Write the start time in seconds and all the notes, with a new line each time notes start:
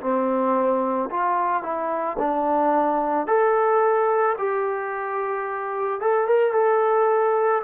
0.00 C4
1.10 F4
1.63 E4
2.18 D4
3.27 A4
4.38 G4
6.00 A4
6.27 A#4
6.53 A4